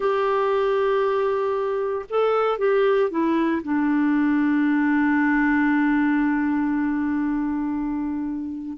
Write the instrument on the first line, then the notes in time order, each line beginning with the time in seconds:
clarinet
0.00 G4
2.09 A4
2.58 G4
3.10 E4
3.62 D4